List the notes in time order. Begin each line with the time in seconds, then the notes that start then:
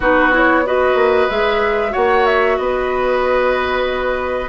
0.00 B3 D#4 F#4 B4
0.32 E4 C#5
0.65 F#4 B4 D#5
0.94 A#3
1.29 G#3 G#4 E5
1.89 F#4 C#5 F#5
1.96 A#3
2.25 E5
2.57 B3 B4 D#5